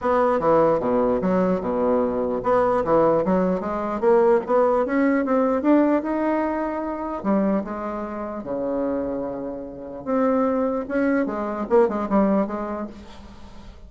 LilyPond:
\new Staff \with { instrumentName = "bassoon" } { \time 4/4 \tempo 4 = 149 b4 e4 b,4 fis4 | b,2 b4 e4 | fis4 gis4 ais4 b4 | cis'4 c'4 d'4 dis'4~ |
dis'2 g4 gis4~ | gis4 cis2.~ | cis4 c'2 cis'4 | gis4 ais8 gis8 g4 gis4 | }